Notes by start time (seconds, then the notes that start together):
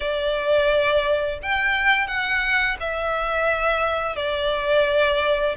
0.00 D5
1.42 G5
2.07 F#5
2.80 E5
4.15 D5